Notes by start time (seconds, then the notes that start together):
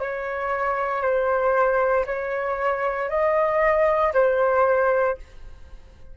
0.00 C#5
1.03 C5
2.07 C#5
3.10 D#5
4.14 C5